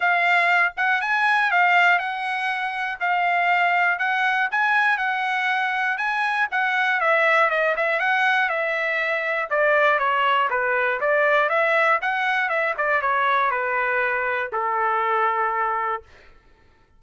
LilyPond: \new Staff \with { instrumentName = "trumpet" } { \time 4/4 \tempo 4 = 120 f''4. fis''8 gis''4 f''4 | fis''2 f''2 | fis''4 gis''4 fis''2 | gis''4 fis''4 e''4 dis''8 e''8 |
fis''4 e''2 d''4 | cis''4 b'4 d''4 e''4 | fis''4 e''8 d''8 cis''4 b'4~ | b'4 a'2. | }